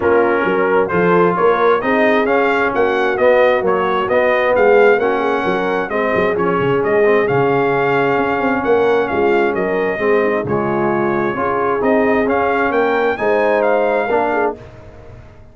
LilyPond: <<
  \new Staff \with { instrumentName = "trumpet" } { \time 4/4 \tempo 4 = 132 ais'2 c''4 cis''4 | dis''4 f''4 fis''4 dis''4 | cis''4 dis''4 f''4 fis''4~ | fis''4 dis''4 cis''4 dis''4 |
f''2. fis''4 | f''4 dis''2 cis''4~ | cis''2 dis''4 f''4 | g''4 gis''4 f''2 | }
  \new Staff \with { instrumentName = "horn" } { \time 4/4 f'4 ais'4 a'4 ais'4 | gis'2 fis'2~ | fis'2 gis'4 fis'8 gis'8 | ais'4 gis'2.~ |
gis'2. ais'4 | f'4 ais'4 gis'8 dis'8 f'4~ | f'4 gis'2. | ais'4 c''2 ais'8 gis'8 | }
  \new Staff \with { instrumentName = "trombone" } { \time 4/4 cis'2 f'2 | dis'4 cis'2 b4 | fis4 b2 cis'4~ | cis'4 c'4 cis'4. c'8 |
cis'1~ | cis'2 c'4 gis4~ | gis4 f'4 dis'4 cis'4~ | cis'4 dis'2 d'4 | }
  \new Staff \with { instrumentName = "tuba" } { \time 4/4 ais4 fis4 f4 ais4 | c'4 cis'4 ais4 b4 | ais4 b4 gis4 ais4 | fis4 gis8 fis8 f8 cis8 gis4 |
cis2 cis'8 c'8 ais4 | gis4 fis4 gis4 cis4~ | cis4 cis'4 c'4 cis'4 | ais4 gis2 ais4 | }
>>